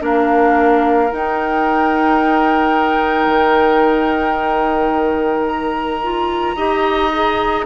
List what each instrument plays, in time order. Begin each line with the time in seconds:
0.00 bassoon A#3, clarinet D4, oboe A#4, flute F5
1.11 clarinet D#4, bassoon D#4, flute G5
3.26 bassoon D#3
5.47 flute A#5
6.02 clarinet F4
6.56 bassoon D#4, clarinet G4, oboe D#5
7.12 clarinet G#4